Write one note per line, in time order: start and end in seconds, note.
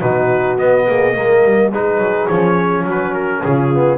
0.00 0.58 B2
0.00 0.58 D#4
0.00 0.86 F#4
0.00 0.57 B4
0.58 1.14 B3
0.58 0.87 B3
0.58 1.72 D#5
0.87 1.16 A#3
0.87 1.15 G#4
1.14 1.43 G#3
1.14 1.71 A#3
1.14 1.69 A#4
1.43 1.72 G3
1.69 1.97 G#3
1.69 2.30 D#4
1.69 2.84 G#4
1.69 2.27 B4
1.97 2.26 F#3
2.27 2.83 F3
2.27 3.73 C#4
2.27 2.84 C#5
2.83 3.40 F#3
2.83 3.41 F#4
2.90 3.14 B4
3.14 3.42 A#4
3.43 3.98 C#3
3.43 3.98 F4
3.43 3.98 G#4
3.73 3.98 B3